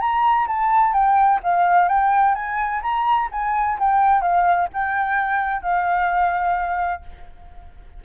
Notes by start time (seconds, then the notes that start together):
0.00 A#5
0.47 A5
0.93 G5
1.43 F5
1.89 G5
2.35 G#5
2.83 A#5
3.32 G#5
3.79 G5
4.22 F5
4.73 G5
5.62 F5